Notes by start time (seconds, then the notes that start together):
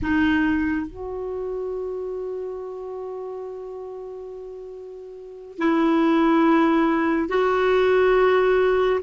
0.02 D#4
0.87 F#4
5.58 E4
7.29 F#4